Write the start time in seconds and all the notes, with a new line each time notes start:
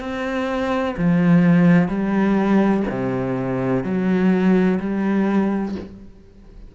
0.00 C4
0.97 F3
1.88 G3
2.90 C3
3.84 F#3
4.80 G3